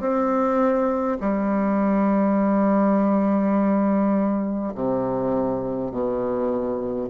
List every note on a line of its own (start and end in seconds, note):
0.00 1.18 C4
1.20 4.73 G3
4.75 5.91 C3
5.91 7.09 B2